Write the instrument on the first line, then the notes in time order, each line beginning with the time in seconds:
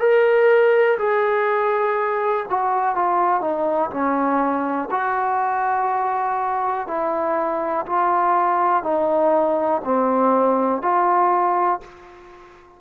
trombone
0.00 A#4
0.99 G#4
2.50 F#4
2.96 F4
3.41 D#4
3.91 C#4
4.91 F#4
6.88 E4
7.86 F4
8.83 D#4
9.85 C4
10.82 F4